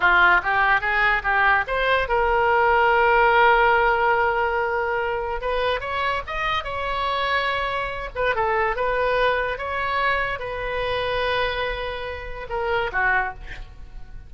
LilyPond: \new Staff \with { instrumentName = "oboe" } { \time 4/4 \tempo 4 = 144 f'4 g'4 gis'4 g'4 | c''4 ais'2.~ | ais'1~ | ais'4 b'4 cis''4 dis''4 |
cis''2.~ cis''8 b'8 | a'4 b'2 cis''4~ | cis''4 b'2.~ | b'2 ais'4 fis'4 | }